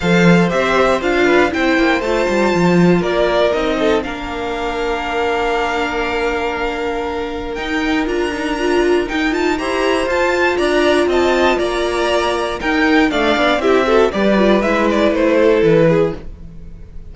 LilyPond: <<
  \new Staff \with { instrumentName = "violin" } { \time 4/4 \tempo 4 = 119 f''4 e''4 f''4 g''4 | a''2 d''4 dis''4 | f''1~ | f''2. g''4 |
ais''2 g''8 a''8 ais''4 | a''4 ais''4 a''4 ais''4~ | ais''4 g''4 f''4 e''4 | d''4 e''8 d''8 c''4 b'4 | }
  \new Staff \with { instrumentName = "violin" } { \time 4/4 c''2~ c''8 b'8 c''4~ | c''2 ais'4. a'8 | ais'1~ | ais'1~ |
ais'2. c''4~ | c''4 d''4 dis''4 d''4~ | d''4 ais'4 d''4 g'8 a'8 | b'2~ b'8 a'4 gis'8 | }
  \new Staff \with { instrumentName = "viola" } { \time 4/4 a'4 g'4 f'4 e'4 | f'2. dis'4 | d'1~ | d'2. dis'4 |
f'8 dis'8 f'4 dis'8 f'8 g'4 | f'1~ | f'4 dis'4 d'4 e'8 fis'8 | g'8 f'8 e'2. | }
  \new Staff \with { instrumentName = "cello" } { \time 4/4 f4 c'4 d'4 c'8 ais8 | a8 g8 f4 ais4 c'4 | ais1~ | ais2. dis'4 |
d'2 dis'4 e'4 | f'4 d'4 c'4 ais4~ | ais4 dis'4 a8 b8 c'4 | g4 gis4 a4 e4 | }
>>